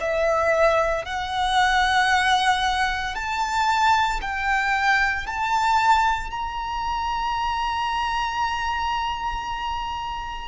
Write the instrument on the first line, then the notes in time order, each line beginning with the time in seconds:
violin
0.00 E5
1.05 F#5
3.15 A5
4.22 G5
5.26 A5
6.31 A#5